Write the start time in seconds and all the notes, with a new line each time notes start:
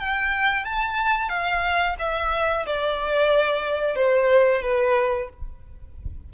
0.00 G5
0.65 A5
1.29 F5
1.99 E5
2.66 D5
3.96 C5
4.62 B4